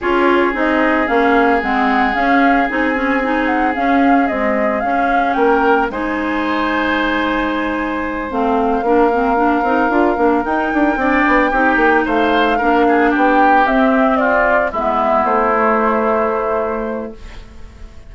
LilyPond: <<
  \new Staff \with { instrumentName = "flute" } { \time 4/4 \tempo 4 = 112 cis''4 dis''4 f''4 fis''4 | f''4 gis''4. fis''8 f''4 | dis''4 f''4 g''4 gis''4~ | gis''2.~ gis''8 f''8~ |
f''2.~ f''8 g''8~ | g''2~ g''8 f''4.~ | f''8 g''4 e''4 d''4 e''8~ | e''8 c''2.~ c''8 | }
  \new Staff \with { instrumentName = "oboe" } { \time 4/4 gis'1~ | gis'1~ | gis'2 ais'4 c''4~ | c''1~ |
c''8 ais'2.~ ais'8~ | ais'8 d''4 g'4 c''4 ais'8 | gis'8 g'2 f'4 e'8~ | e'1 | }
  \new Staff \with { instrumentName = "clarinet" } { \time 4/4 f'4 dis'4 cis'4 c'4 | cis'4 dis'8 cis'8 dis'4 cis'4 | gis4 cis'2 dis'4~ | dis'2.~ dis'8 c'8~ |
c'8 d'8 c'8 d'8 dis'8 f'8 d'8 dis'8~ | dis'8 d'4 dis'2 d'8~ | d'4. c'2 b8~ | b4 a2. | }
  \new Staff \with { instrumentName = "bassoon" } { \time 4/4 cis'4 c'4 ais4 gis4 | cis'4 c'2 cis'4 | c'4 cis'4 ais4 gis4~ | gis2.~ gis8 a8~ |
a8 ais4. c'8 d'8 ais8 dis'8 | d'8 c'8 b8 c'8 ais8 a4 ais8~ | ais8 b4 c'2 gis8~ | gis8 a2.~ a8 | }
>>